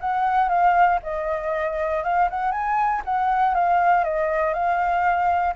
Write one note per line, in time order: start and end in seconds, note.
0.00 0.49 F#5
0.49 0.99 F5
1.03 2.04 D#5
2.04 2.29 F5
2.30 2.52 F#5
2.52 3.02 G#5
3.05 3.55 F#5
3.55 4.04 F5
4.04 4.54 D#5
4.54 5.54 F5